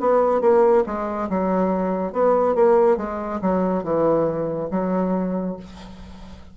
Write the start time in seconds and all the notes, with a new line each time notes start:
0.00 B3
0.41 A#3
0.86 G#3
1.30 F#3
2.13 B3
2.55 A#3
2.97 G#3
3.41 F#3
3.84 E3
4.71 F#3